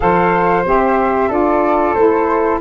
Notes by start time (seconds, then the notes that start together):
0.00 F3 A4 C5 F5
0.64 C4 G4 E5
1.28 D4 F4 A4 D5
1.93 A3 E4 C5